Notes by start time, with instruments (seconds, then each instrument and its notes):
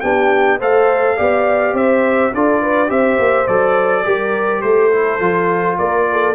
0.00 tuba B3, trombone D4, horn G4, trumpet G5
0.59 tuba A3, trombone A4, horn C5, trumpet F5
1.16 tuba B3, trombone G4, horn D5
1.73 tuba C4, horn C5, trumpet E5
2.34 tuba D4, trombone F4, horn A4, trumpet D5
2.61 horn B4
2.87 tuba C4, trombone G4, horn C5, trumpet E5
3.19 tuba A#3
3.47 tuba F#3, trombone A4, trumpet D5
4.05 tuba G3, trombone G4, horn A#4
4.61 tuba A3, horn A4, trumpet C5
4.92 trombone E4
5.19 tuba F3, trombone F4
5.78 tuba A#3, horn A#4, trumpet D5
6.11 horn A4